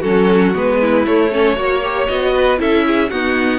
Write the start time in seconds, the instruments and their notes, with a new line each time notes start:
0.00 cello F#3, viola C#4, violin F#4 A4
0.54 cello G#3, viola B3, violin B4
0.81 violin E4
1.06 viola A3, cello A3, violin C#5
1.31 viola C#4, violin A4
1.55 cello A#3, viola F#4, violin C#5
1.83 viola G4
2.07 cello B3, viola F#4, violin D#5
2.35 violin B4
2.57 cello C#4, viola E4, violin A4 E5
2.86 violin G#4
3.09 viola B3, cello D#4, violin F#4 F#5